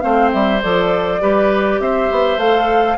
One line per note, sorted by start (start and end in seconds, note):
0.00 0.33 A3
0.00 0.60 C4
0.00 1.21 C5
0.00 0.30 F5
0.32 0.63 G3
0.32 0.61 E5
0.62 1.21 F3
0.62 1.20 A4
0.62 1.80 D5
1.20 1.79 G3
1.20 2.39 G4
1.20 1.81 B4
1.79 2.09 C4
1.79 2.98 C5
1.79 2.39 E5
2.11 2.37 B3
2.37 2.96 A3
2.37 2.98 A4
2.37 2.98 F5